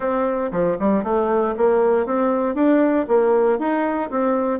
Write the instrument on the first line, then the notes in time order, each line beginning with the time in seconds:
bassoon
0.00 C4
0.51 F3
0.79 G3
1.03 A3
1.57 A#3
2.05 C4
2.54 D4
3.08 A#3
3.59 D#4
4.10 C4